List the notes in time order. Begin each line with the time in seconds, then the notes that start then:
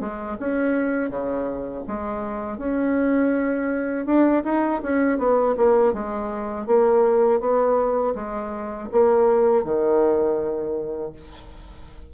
0.00 G#3
0.39 C#4
1.10 C#3
1.88 G#3
2.58 C#4
4.06 D4
4.44 D#4
4.82 C#4
5.18 B3
5.57 A#3
5.93 G#3
6.67 A#3
7.40 B3
8.15 G#3
8.92 A#3
9.64 D#3